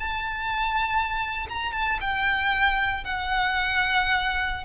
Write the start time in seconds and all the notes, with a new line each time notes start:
0.00 A5
1.49 A#5
1.73 A5
2.01 G5
3.05 F#5